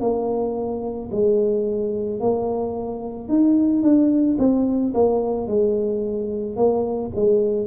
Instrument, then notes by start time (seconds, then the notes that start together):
tuba
0.00 A#3
1.11 G#3
2.20 A#3
3.28 D#4
3.82 D4
4.38 C4
4.93 A#3
5.47 G#3
6.57 A#3
7.15 G#3